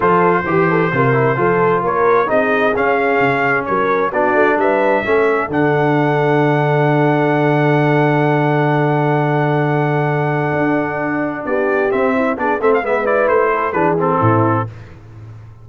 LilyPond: <<
  \new Staff \with { instrumentName = "trumpet" } { \time 4/4 \tempo 4 = 131 c''1 | cis''4 dis''4 f''2 | cis''4 d''4 e''2 | fis''1~ |
fis''1~ | fis''1~ | fis''4 d''4 e''4 d''8 e''16 f''16 | e''8 d''8 c''4 b'8 a'4. | }
  \new Staff \with { instrumentName = "horn" } { \time 4/4 a'4 g'8 a'8 ais'4 a'4 | ais'4 gis'2. | ais'4 fis'4 b'4 a'4~ | a'1~ |
a'1~ | a'1~ | a'4 g'4. e'8 gis'8 a'8 | b'4. a'8 gis'4 e'4 | }
  \new Staff \with { instrumentName = "trombone" } { \time 4/4 f'4 g'4 f'8 e'8 f'4~ | f'4 dis'4 cis'2~ | cis'4 d'2 cis'4 | d'1~ |
d'1~ | d'1~ | d'2 c'4 d'8 c'8 | b8 e'4. d'8 c'4. | }
  \new Staff \with { instrumentName = "tuba" } { \time 4/4 f4 e4 c4 f4 | ais4 c'4 cis'4 cis4 | fis4 b8 a8 g4 a4 | d1~ |
d1~ | d2. d'4~ | d'4 b4 c'4 b8 a8 | gis4 a4 e4 a,4 | }
>>